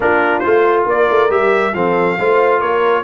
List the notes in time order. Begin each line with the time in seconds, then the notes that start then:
0.00 A#3 D4 F4 A#4
0.39 A3 F4 C5
0.85 A#3 A#4 D5
1.10 A3
1.29 G3 G4 E5
1.73 F3 C4 A4 F5
2.19 A3 F4 C5
2.59 A#3 A#4 C#5